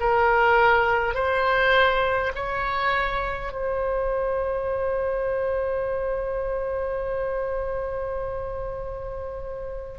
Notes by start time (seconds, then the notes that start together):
0.00 A#4
1.14 C5
2.35 C#5
3.52 C5